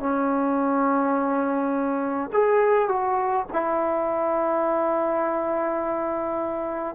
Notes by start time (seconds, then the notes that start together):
0.00 C#4
2.33 G#4
2.88 F#4
3.52 E4